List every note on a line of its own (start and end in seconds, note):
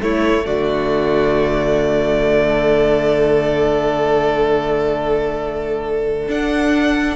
0.00 0.45 A3
0.00 6.28 A3
0.00 0.45 E4
0.00 0.46 C#5
0.45 6.28 D3
0.45 2.47 F#4
0.45 6.28 D5
2.47 7.16 A4
6.28 7.16 D4
6.28 7.16 F#5